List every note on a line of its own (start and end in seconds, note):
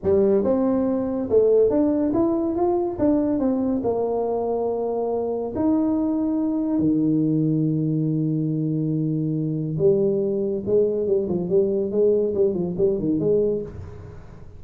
0.03 0.44 G3
0.44 1.29 C4
1.29 1.69 A3
1.69 2.12 D4
2.13 2.55 E4
2.55 2.97 F4
2.99 3.39 D4
3.39 3.81 C4
3.83 5.53 A#3
5.55 6.79 D#4
6.79 9.77 D#3
9.78 10.63 G3
10.66 11.06 G#3
11.06 11.28 G3
11.28 11.49 F3
11.49 11.91 G3
11.91 12.33 G#3
12.34 12.54 G3
12.54 12.75 F3
12.77 12.99 G3
12.99 13.19 D#3
13.19 13.62 G#3